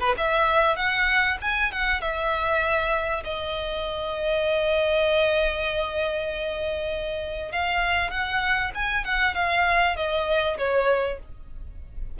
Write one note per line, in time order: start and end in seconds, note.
0.00 0.15 B4
0.18 0.76 E5
0.76 1.37 F#5
1.41 1.71 G#5
1.71 2.01 F#5
2.01 3.23 E5
3.24 7.52 D#5
7.52 8.11 F5
8.11 8.72 F#5
8.74 9.04 G#5
9.04 9.35 F#5
9.35 9.96 F5
9.96 10.57 D#5
10.58 11.19 C#5